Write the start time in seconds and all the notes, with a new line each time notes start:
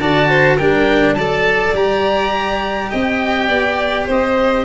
0.00 D3 F#4 D5 A5
0.29 C5
0.56 G3 D4 A#4 G5
1.14 F#3 A4 D5 A5
1.73 G3 G4 A#5
2.90 C4 D#5 G5
3.48 B3 D5
4.06 C4 C5 D#5